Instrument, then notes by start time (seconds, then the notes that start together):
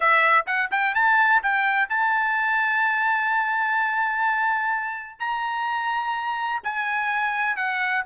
trumpet
0.00 E5
0.46 F#5
0.71 G5
0.94 A5
1.42 G5
1.89 A5
5.19 A#5
6.63 G#5
7.56 F#5